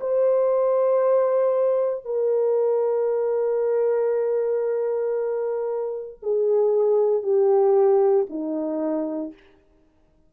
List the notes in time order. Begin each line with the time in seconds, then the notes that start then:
0.00 C5
2.05 A#4
6.22 G#4
7.23 G4
8.29 D#4